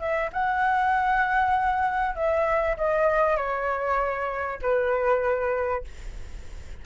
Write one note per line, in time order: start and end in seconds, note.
0.00 0.31 E5
0.33 2.16 F#5
2.16 2.77 E5
2.77 3.37 D#5
3.37 4.60 C#5
4.62 5.85 B4